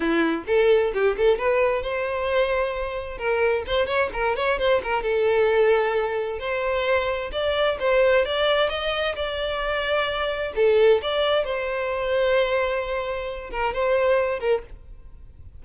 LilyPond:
\new Staff \with { instrumentName = "violin" } { \time 4/4 \tempo 4 = 131 e'4 a'4 g'8 a'8 b'4 | c''2. ais'4 | c''8 cis''8 ais'8 cis''8 c''8 ais'8 a'4~ | a'2 c''2 |
d''4 c''4 d''4 dis''4 | d''2. a'4 | d''4 c''2.~ | c''4. ais'8 c''4. ais'8 | }